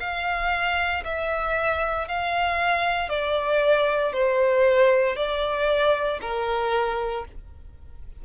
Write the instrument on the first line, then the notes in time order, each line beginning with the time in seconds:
violin
0.00 F5
1.04 E5
2.08 F5
3.09 D5
4.13 C5
5.16 D5
6.21 A#4